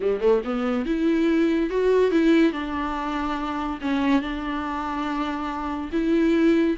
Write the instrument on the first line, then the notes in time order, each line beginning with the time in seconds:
viola
0.00 G3
0.20 A3
0.44 B3
0.85 E4
1.70 F#4
2.11 E4
2.52 D4
3.81 C#4
4.21 D4
5.92 E4